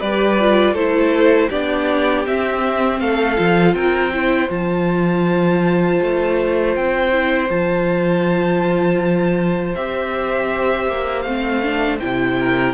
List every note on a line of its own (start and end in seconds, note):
0.00 0.73 G3
0.00 0.39 G4
0.00 0.74 B4
0.00 0.75 D5
0.40 0.76 F4
0.73 1.48 A3
0.73 1.50 E4
0.73 1.49 A4
0.73 1.50 C5
1.50 2.26 B3
1.50 2.25 D4
1.50 3.00 G4
1.50 2.25 D5
2.27 3.00 C4
2.27 3.36 C4
2.27 3.00 E5
3.00 3.38 A3
3.00 3.75 A4
3.00 3.74 F5
3.36 3.74 F3
3.36 4.11 F4
3.74 4.49 C4
3.74 4.13 A#4
3.74 4.49 G5
4.13 4.49 E4
4.13 12.39 C5
4.49 6.00 F3
4.49 7.11 F4
4.49 6.75 A5
6.02 6.76 A3
6.75 7.50 C4
6.75 7.50 G5
7.12 7.49 E4
7.50 9.75 F3
7.50 9.75 F4
7.50 9.75 A5
9.75 10.88 C4
9.75 11.27 G4
9.75 11.21 E5
10.88 11.25 A#3
11.21 12.00 A3
11.21 11.62 C4
11.21 11.96 F5
11.62 12.00 D4
11.99 12.74 C3
11.99 12.74 E4
11.99 12.74 G5
12.39 12.74 A#4